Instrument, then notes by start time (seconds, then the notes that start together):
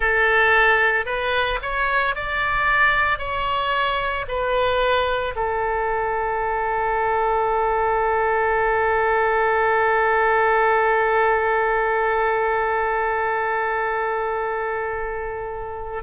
oboe
0.00 A4
1.05 B4
1.62 C#5
2.15 D5
3.18 C#5
4.28 B4
5.35 A4